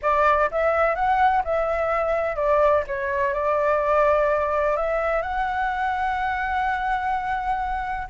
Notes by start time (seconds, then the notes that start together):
0.02 D5
0.51 E5
0.95 F#5
1.44 E5
2.36 D5
2.87 C#5
3.33 D5
4.76 E5
5.21 F#5